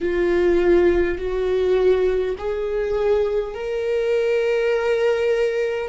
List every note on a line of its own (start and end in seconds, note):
0.01 1.18 F4
1.18 2.35 F#4
2.37 3.54 G#4
3.54 5.88 A#4